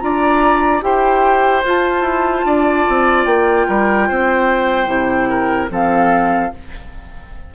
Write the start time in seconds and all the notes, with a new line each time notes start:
0.00 D4 F4 D5 A#5
0.81 E4 G4 C5 G5
1.64 F4 A5
2.01 E4
2.45 D4 D5
2.89 C4
3.24 A#3 G5
3.67 G3 A#4
4.08 C4 C5
4.86 C3 E4
5.29 A#4
5.70 F3 C4 A4 F5